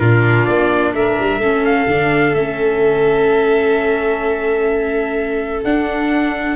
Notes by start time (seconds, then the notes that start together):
0.00 A#2 D4 F4 A#4
0.46 A#3 D5
0.95 A3 A#4 E5
1.19 G3
1.38 A3 C#4 A4
1.65 F5
1.88 D3 D4
2.34 A3 C#4 E5
5.65 D4 F#5